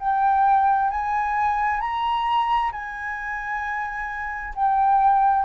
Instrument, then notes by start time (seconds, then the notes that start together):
flute
0.00 G5
0.90 G#5
1.81 A#5
2.72 G#5
4.55 G5